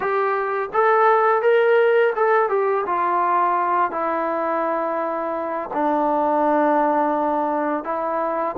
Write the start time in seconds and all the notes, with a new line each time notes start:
0.00 G4
0.73 A4
1.42 A#4
2.15 A4
2.49 G4
2.85 F4
3.91 E4
5.73 D4
7.84 E4